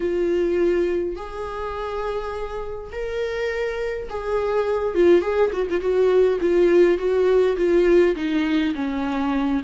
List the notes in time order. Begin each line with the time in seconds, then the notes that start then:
0.00 F4
1.16 G#4
2.92 A#4
4.09 G#4
4.94 F4
5.21 G#4
5.53 F#4
5.70 F4
5.80 F#4
6.41 F4
6.98 F#4
7.56 F4
8.15 D#4
8.74 C#4